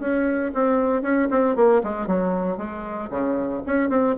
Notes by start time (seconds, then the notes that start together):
0.00 C#4
0.55 C4
1.02 C#4
1.31 C4
1.56 A#3
1.84 G#3
2.08 F#3
2.58 G#3
3.10 C#3
3.67 C#4
3.90 C4